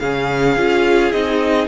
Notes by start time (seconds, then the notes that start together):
0.00 C#3 C#4 G#4 F5
0.57 C#4 F4
1.12 C4 D#4 D#5